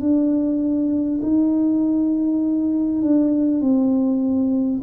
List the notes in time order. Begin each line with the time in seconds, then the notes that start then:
0.00 D4
1.22 D#4
3.02 D4
3.61 C4